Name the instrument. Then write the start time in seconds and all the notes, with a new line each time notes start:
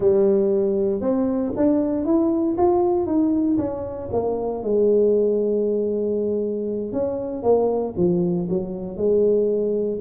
tuba
0.00 G3
1.00 C4
1.56 D4
2.05 E4
2.57 F4
3.06 D#4
3.58 C#4
4.12 A#3
4.63 G#3
6.92 C#4
7.42 A#3
7.96 F3
8.49 F#3
8.96 G#3